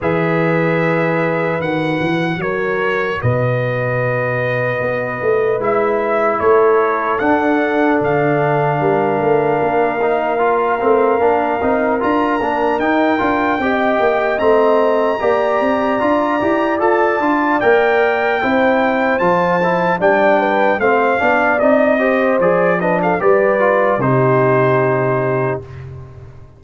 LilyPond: <<
  \new Staff \with { instrumentName = "trumpet" } { \time 4/4 \tempo 4 = 75 e''2 fis''4 cis''4 | dis''2. e''4 | cis''4 fis''4 f''2~ | f''2. ais''4 |
g''2 ais''2~ | ais''4 a''4 g''2 | a''4 g''4 f''4 dis''4 | d''8 dis''16 f''16 d''4 c''2 | }
  \new Staff \with { instrumentName = "horn" } { \time 4/4 b'2. ais'4 | b'1 | a'2. ais'4~ | ais'1~ |
ais'4 dis''2 d''4~ | d''2. c''4~ | c''4 d''8 b'8 c''8 d''4 c''8~ | c''8 b'16 a'16 b'4 g'2 | }
  \new Staff \with { instrumentName = "trombone" } { \time 4/4 gis'2 fis'2~ | fis'2. e'4~ | e'4 d'2.~ | d'8 dis'8 f'8 c'8 d'8 dis'8 f'8 d'8 |
dis'8 f'8 g'4 c'4 g'4 | f'8 g'8 a'8 f'8 ais'4 e'4 | f'8 e'8 d'4 c'8 d'8 dis'8 g'8 | gis'8 d'8 g'8 f'8 dis'2 | }
  \new Staff \with { instrumentName = "tuba" } { \time 4/4 e2 dis8 e8 fis4 | b,2 b8 a8 gis4 | a4 d'4 d4 g8 a8 | ais4. a8 ais8 c'8 d'8 ais8 |
dis'8 d'8 c'8 ais8 a4 ais8 c'8 | d'8 e'8 f'8 d'8 ais4 c'4 | f4 g4 a8 b8 c'4 | f4 g4 c2 | }
>>